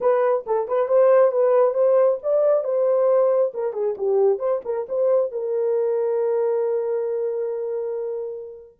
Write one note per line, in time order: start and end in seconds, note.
0.00 0.45 B4
0.46 0.67 A4
0.67 0.88 B4
0.88 1.31 C5
1.31 1.74 B4
1.74 2.18 C5
2.23 2.64 D5
2.64 3.52 C5
3.54 3.73 A#4
3.73 3.95 G#4
3.97 4.39 G4
4.39 4.61 C5
4.64 4.86 A#4
4.88 5.31 C5
5.31 8.80 A#4